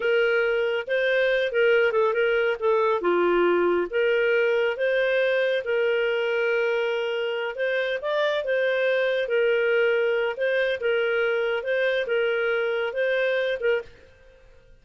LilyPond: \new Staff \with { instrumentName = "clarinet" } { \time 4/4 \tempo 4 = 139 ais'2 c''4. ais'8~ | ais'8 a'8 ais'4 a'4 f'4~ | f'4 ais'2 c''4~ | c''4 ais'2.~ |
ais'4. c''4 d''4 c''8~ | c''4. ais'2~ ais'8 | c''4 ais'2 c''4 | ais'2 c''4. ais'8 | }